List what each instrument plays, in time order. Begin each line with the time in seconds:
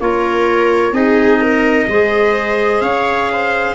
0.00 tuba A#3, clarinet F4, viola A#4, trumpet C#5
0.92 tuba C4, clarinet D#4, viola G#4, trumpet D#5
1.41 viola A#4
1.88 tuba G#3, clarinet G#4, viola C5
2.81 tuba C#4, viola C#5, trumpet F5
3.32 viola C5